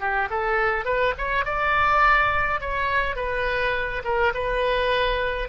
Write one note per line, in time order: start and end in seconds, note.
0.00 0.29 G4
0.31 0.85 A4
0.85 1.14 B4
1.18 1.45 C#5
1.45 2.61 D5
2.61 3.16 C#5
3.16 4.03 B4
4.05 4.33 A#4
4.35 5.49 B4